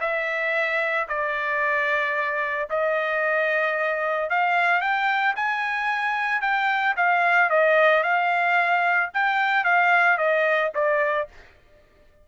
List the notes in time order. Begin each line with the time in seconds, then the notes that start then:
0.00 E5
1.08 D5
2.70 D#5
4.30 F5
4.81 G5
5.36 G#5
6.41 G5
6.96 F5
7.50 D#5
8.03 F5
9.13 G5
9.64 F5
10.18 D#5
10.75 D5